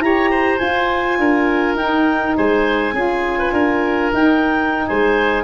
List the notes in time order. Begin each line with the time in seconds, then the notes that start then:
0.00 E4 G4 C#5 A#5
0.30 C5
0.58 F4 G#5
1.19 D4 A#4
1.75 D#4 G5
2.37 G#3 C5 G#5
2.93 C#4 F4 G#4
3.39 B4
3.52 D4 A#4
4.13 D#4 G5
4.87 G#3 C5 G#5